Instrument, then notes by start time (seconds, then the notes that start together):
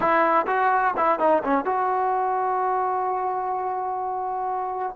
trombone
0.00 E4
0.47 F#4
0.96 E4
1.19 D#4
1.43 C#4
1.64 F#4